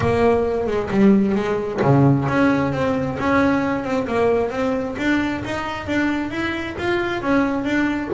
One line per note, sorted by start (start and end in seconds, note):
0.00 0.66 A#3
0.66 0.89 G#3
0.90 1.35 G3
1.35 1.80 G#3
1.82 2.27 C#3
2.28 2.72 C#4
2.72 3.17 C4
3.19 3.84 C#4
3.84 4.06 C4
4.07 4.50 A#3
4.50 4.95 C4
4.97 5.43 D4
5.44 5.86 D#4
5.86 6.31 D4
6.31 6.75 E4
6.78 7.22 F4
7.22 7.64 C#4
7.64 8.09 D4